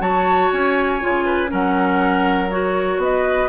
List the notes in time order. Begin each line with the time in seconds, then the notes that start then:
0.00 F#3 F#4 C#5 A5
0.52 C#4 G#5
1.01 C#3 F4
1.25 B4
1.49 F#3 C#4 A#4 F#5
2.51 F#4 C#5
2.97 B3 D#5
3.05 B4